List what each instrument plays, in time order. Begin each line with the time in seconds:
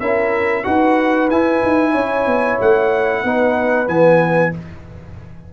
0.00 tuba C#4, trombone E4, horn A#4, trumpet E5
0.64 tuba D#4, trombone F#4, horn B4, trumpet F#5
1.30 tuba E4, trombone E4, trumpet G#5
1.62 tuba D#4
1.92 tuba C#4, horn C#5
2.26 tuba B3
2.61 tuba A3, trumpet F#5
3.23 tuba B3, trombone D#4, horn B4
3.87 tuba E3, trombone B3, trumpet G#5